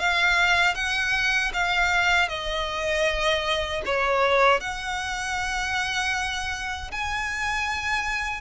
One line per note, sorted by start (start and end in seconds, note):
0.00 0.75 F5
0.75 1.52 F#5
1.53 2.29 F5
2.29 3.83 D#5
3.86 4.61 C#5
4.61 6.92 F#5
6.92 8.42 G#5